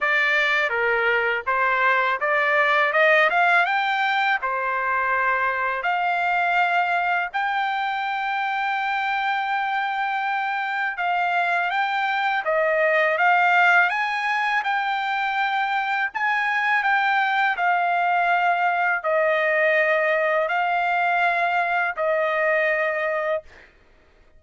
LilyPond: \new Staff \with { instrumentName = "trumpet" } { \time 4/4 \tempo 4 = 82 d''4 ais'4 c''4 d''4 | dis''8 f''8 g''4 c''2 | f''2 g''2~ | g''2. f''4 |
g''4 dis''4 f''4 gis''4 | g''2 gis''4 g''4 | f''2 dis''2 | f''2 dis''2 | }